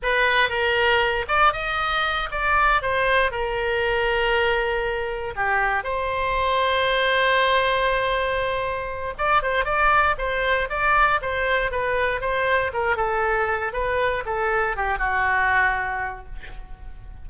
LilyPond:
\new Staff \with { instrumentName = "oboe" } { \time 4/4 \tempo 4 = 118 b'4 ais'4. d''8 dis''4~ | dis''8 d''4 c''4 ais'4.~ | ais'2~ ais'8 g'4 c''8~ | c''1~ |
c''2 d''8 c''8 d''4 | c''4 d''4 c''4 b'4 | c''4 ais'8 a'4. b'4 | a'4 g'8 fis'2~ fis'8 | }